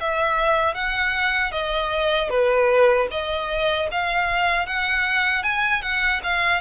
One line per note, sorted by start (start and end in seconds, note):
0.00 0.74 E5
0.74 1.52 F#5
1.52 2.30 D#5
2.30 3.07 B4
3.11 3.89 D#5
3.91 4.66 F5
4.66 5.43 F#5
5.43 5.82 G#5
5.82 6.21 F#5
6.23 6.61 F5